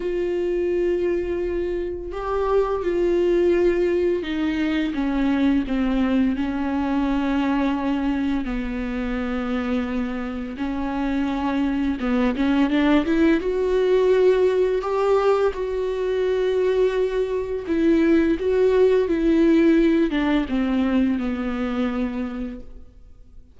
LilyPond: \new Staff \with { instrumentName = "viola" } { \time 4/4 \tempo 4 = 85 f'2. g'4 | f'2 dis'4 cis'4 | c'4 cis'2. | b2. cis'4~ |
cis'4 b8 cis'8 d'8 e'8 fis'4~ | fis'4 g'4 fis'2~ | fis'4 e'4 fis'4 e'4~ | e'8 d'8 c'4 b2 | }